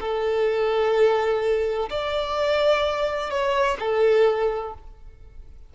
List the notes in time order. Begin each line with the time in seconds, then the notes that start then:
0.00 A4
1.90 D5
3.30 C#5
3.79 A4